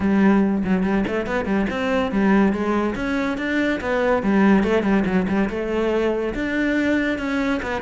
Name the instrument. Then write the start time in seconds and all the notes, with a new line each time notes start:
cello
0.00 G3
0.64 F#3
0.83 G3
1.07 A3
1.26 B3
1.45 G3
1.69 C4
2.11 G3
2.52 G#3
2.95 C#4
3.37 D4
3.80 B3
4.23 G3
4.63 A3
4.82 G3
5.05 F#3
5.28 G3
5.49 A3
6.34 D4
7.18 C#4
7.62 B3